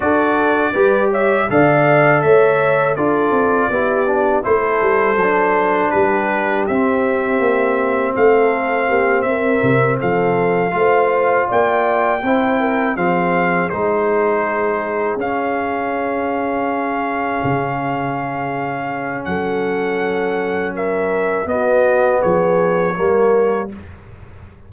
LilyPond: <<
  \new Staff \with { instrumentName = "trumpet" } { \time 4/4 \tempo 4 = 81 d''4. e''8 f''4 e''4 | d''2 c''2 | b'4 e''2 f''4~ | f''8 e''4 f''2 g''8~ |
g''4. f''4 c''4.~ | c''8 f''2.~ f''8~ | f''2 fis''2 | e''4 dis''4 cis''2 | }
  \new Staff \with { instrumentName = "horn" } { \time 4/4 a'4 b'8 cis''8 d''4 cis''4 | a'4 g'4 a'2 | g'2. a'4 | g'8 ais'4 a'4 c''4 d''8~ |
d''8 c''8 ais'8 gis'2~ gis'8~ | gis'1~ | gis'2 a'2 | ais'4 fis'4 gis'4 ais'4 | }
  \new Staff \with { instrumentName = "trombone" } { \time 4/4 fis'4 g'4 a'2 | f'4 e'8 d'8 e'4 d'4~ | d'4 c'2.~ | c'2~ c'8 f'4.~ |
f'8 e'4 c'4 dis'4.~ | dis'8 cis'2.~ cis'8~ | cis'1~ | cis'4 b2 ais4 | }
  \new Staff \with { instrumentName = "tuba" } { \time 4/4 d'4 g4 d4 a4 | d'8 c'8 b4 a8 g8 fis4 | g4 c'4 ais4 a4 | ais8 c'8 c8 f4 a4 ais8~ |
ais8 c'4 f4 gis4.~ | gis8 cis'2. cis8~ | cis2 fis2~ | fis4 b4 f4 g4 | }
>>